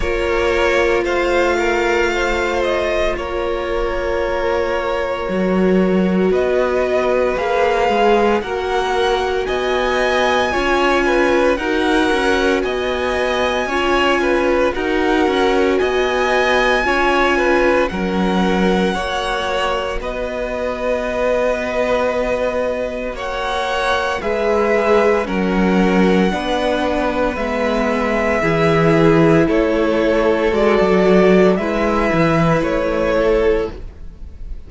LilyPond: <<
  \new Staff \with { instrumentName = "violin" } { \time 4/4 \tempo 4 = 57 cis''4 f''4. dis''8 cis''4~ | cis''2 dis''4 f''4 | fis''4 gis''2 fis''4 | gis''2 fis''4 gis''4~ |
gis''4 fis''2 dis''4~ | dis''2 fis''4 e''4 | fis''2 e''2 | cis''4 d''4 e''4 cis''4 | }
  \new Staff \with { instrumentName = "violin" } { \time 4/4 ais'4 c''8 ais'8 c''4 ais'4~ | ais'2 b'2 | ais'4 dis''4 cis''8 b'8 ais'4 | dis''4 cis''8 b'8 ais'4 dis''4 |
cis''8 b'8 ais'4 cis''4 b'4~ | b'2 cis''4 b'4 | ais'4 b'2 gis'4 | a'2 b'4. a'8 | }
  \new Staff \with { instrumentName = "viola" } { \time 4/4 f'1~ | f'4 fis'2 gis'4 | fis'2 f'4 fis'4~ | fis'4 f'4 fis'2 |
f'4 cis'4 fis'2~ | fis'2. gis'4 | cis'4 d'4 b4 e'4~ | e'4 fis'4 e'2 | }
  \new Staff \with { instrumentName = "cello" } { \time 4/4 ais4 a2 ais4~ | ais4 fis4 b4 ais8 gis8 | ais4 b4 cis'4 dis'8 cis'8 | b4 cis'4 dis'8 cis'8 b4 |
cis'4 fis4 ais4 b4~ | b2 ais4 gis4 | fis4 b4 gis4 e4 | a4 gis16 fis8. gis8 e8 a4 | }
>>